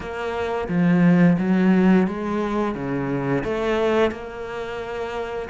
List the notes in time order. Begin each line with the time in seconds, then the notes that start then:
0.00 A#3
0.68 F3
1.38 F#3
2.07 G#3
2.74 C#3
3.44 A3
4.11 A#3